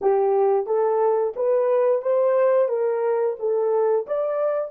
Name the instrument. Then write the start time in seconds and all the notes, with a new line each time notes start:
horn
0.01 G4
0.66 A4
1.35 B4
2.02 C5
2.68 A#4
3.39 A4
4.06 D5